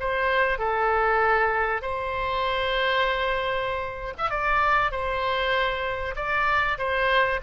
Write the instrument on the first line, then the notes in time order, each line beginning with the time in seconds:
oboe
0.00 C5
0.59 A4
1.82 C5
4.18 E5
4.31 D5
4.91 C5
6.16 D5
6.78 C5